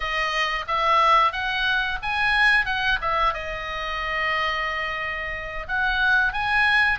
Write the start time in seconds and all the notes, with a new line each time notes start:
0.00 D#5
0.67 E5
1.32 F#5
2.02 G#5
2.65 F#5
3.01 E5
3.33 D#5
5.68 F#5
6.32 G#5